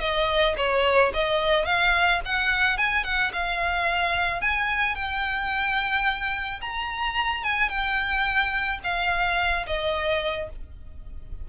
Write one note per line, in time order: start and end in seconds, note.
0.00 0.55 D#5
0.57 1.12 C#5
1.13 1.65 D#5
1.65 2.20 F5
2.25 2.77 F#5
2.77 3.04 G#5
3.04 3.32 F#5
3.32 4.41 F5
4.41 4.95 G#5
4.95 6.60 G5
6.61 7.43 A#5
7.43 7.69 G#5
7.69 8.79 G5
8.83 9.66 F5
9.67 10.49 D#5